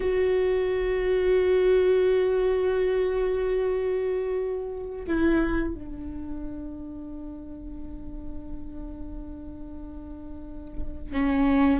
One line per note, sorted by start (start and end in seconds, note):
0.00 5.05 F#4
5.07 5.74 E4
5.74 11.12 D4
11.12 11.79 C#4